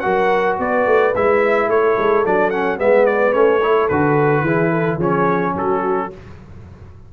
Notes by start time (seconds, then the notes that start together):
0.00 F#3 F#4 A#4 F#5
0.59 B3 B4 D5
0.86 A3
1.15 G#3 E4 E5
1.68 A3 A4 C#5
1.98 G#3
2.25 F#3 D4 D5
2.50 C#4 F#5
2.77 G#3 B3 B4 E5
3.06 D5
3.33 A3 C#4 C#5
3.62 E4 A4
3.89 D3 F#4 B4
4.42 E3 E4 G#4
4.71 A4
4.97 F3 C#4 G#4 C#5
5.55 F#3 F#4 A4